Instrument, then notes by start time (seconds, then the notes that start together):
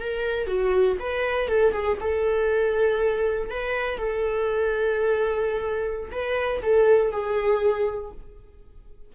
viola
0.00 A#4
0.47 F#4
1.00 B4
1.48 A4
1.73 G#4
2.00 A4
3.51 B4
3.98 A4
6.12 B4
6.62 A4
7.12 G#4